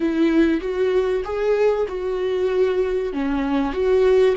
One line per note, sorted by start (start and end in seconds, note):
0.00 0.60 E4
0.60 1.23 F#4
1.24 1.87 G#4
1.88 3.12 F#4
3.12 3.72 C#4
3.72 4.35 F#4